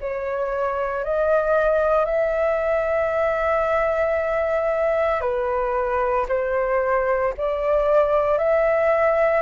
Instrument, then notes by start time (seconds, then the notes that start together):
flute
0.00 C#5
1.04 D#5
2.05 E5
5.21 B4
6.28 C5
7.37 D5
8.38 E5